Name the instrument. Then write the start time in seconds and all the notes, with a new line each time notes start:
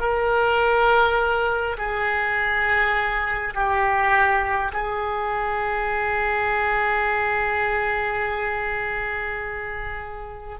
oboe
0.00 A#4
1.78 G#4
3.54 G4
4.73 G#4